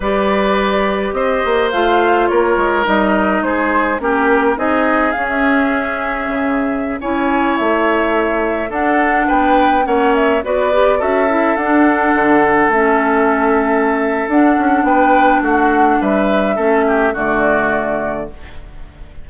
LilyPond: <<
  \new Staff \with { instrumentName = "flute" } { \time 4/4 \tempo 4 = 105 d''2 dis''4 f''4 | cis''4 dis''4 c''4 ais'4 | dis''4 f''16 e''2~ e''8.~ | e''16 gis''4 e''2 fis''8.~ |
fis''16 g''4 fis''8 e''8 d''4 e''8.~ | e''16 fis''2 e''4.~ e''16~ | e''4 fis''4 g''4 fis''4 | e''2 d''2 | }
  \new Staff \with { instrumentName = "oboe" } { \time 4/4 b'2 c''2 | ais'2 gis'4 g'4 | gis'1~ | gis'16 cis''2. a'8.~ |
a'16 b'4 cis''4 b'4 a'8.~ | a'1~ | a'2 b'4 fis'4 | b'4 a'8 g'8 fis'2 | }
  \new Staff \with { instrumentName = "clarinet" } { \time 4/4 g'2. f'4~ | f'4 dis'2 cis'4 | dis'4 cis'2.~ | cis'16 e'2. d'8.~ |
d'4~ d'16 cis'4 fis'8 g'8 fis'8 e'16~ | e'16 d'2 cis'4.~ cis'16~ | cis'4 d'2.~ | d'4 cis'4 a2 | }
  \new Staff \with { instrumentName = "bassoon" } { \time 4/4 g2 c'8 ais8 a4 | ais8 gis8 g4 gis4 ais4 | c'4 cis'2 cis4~ | cis16 cis'4 a2 d'8.~ |
d'16 b4 ais4 b4 cis'8.~ | cis'16 d'4 d4 a4.~ a16~ | a4 d'8 cis'8 b4 a4 | g4 a4 d2 | }
>>